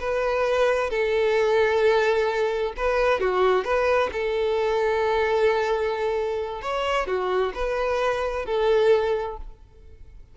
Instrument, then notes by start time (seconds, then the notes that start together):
violin
0.00 B4
0.90 A4
2.77 B4
3.20 F#4
3.65 B4
4.13 A4
6.62 C#5
7.07 F#4
7.55 B4
8.46 A4